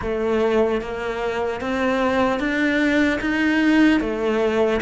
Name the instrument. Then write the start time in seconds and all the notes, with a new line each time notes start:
cello
0.01 A3
0.81 A#3
1.60 C4
2.39 D4
3.20 D#4
4.00 A3